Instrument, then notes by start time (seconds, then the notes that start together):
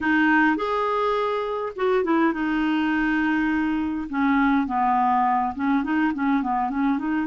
clarinet
0.00 D#4
0.56 G#4
1.76 F#4
2.04 E4
2.33 D#4
4.09 C#4
4.66 B3
5.55 C#4
5.83 D#4
6.14 C#4
6.42 B3
6.70 C#4
6.98 D#4